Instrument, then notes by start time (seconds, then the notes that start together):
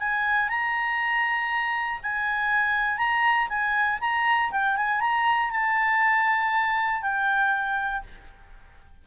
clarinet
0.00 G#5
0.49 A#5
2.03 G#5
2.98 A#5
3.49 G#5
4.01 A#5
4.51 G5
4.77 G#5
5.01 A#5
5.51 A5
7.02 G5